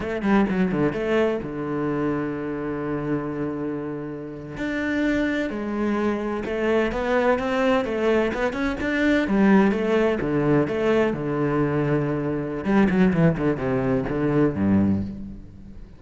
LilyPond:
\new Staff \with { instrumentName = "cello" } { \time 4/4 \tempo 4 = 128 a8 g8 fis8 d8 a4 d4~ | d1~ | d4.~ d16 d'2 gis16~ | gis4.~ gis16 a4 b4 c'16~ |
c'8. a4 b8 cis'8 d'4 g16~ | g8. a4 d4 a4 d16~ | d2. g8 fis8 | e8 d8 c4 d4 g,4 | }